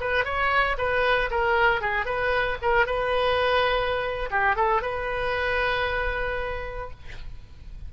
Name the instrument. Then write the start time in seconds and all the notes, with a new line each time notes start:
oboe
0.00 B4
0.24 C#5
0.78 B4
1.30 A#4
1.81 G#4
2.05 B4
2.62 A#4
2.86 B4
4.30 G4
4.55 A4
4.82 B4